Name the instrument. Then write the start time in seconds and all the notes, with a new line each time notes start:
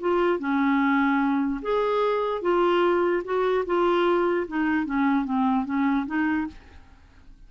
clarinet
0.00 F4
0.39 C#4
1.62 G#4
2.42 F4
3.24 F#4
3.66 F4
4.48 D#4
4.86 C#4
5.25 C4
5.65 C#4
6.06 D#4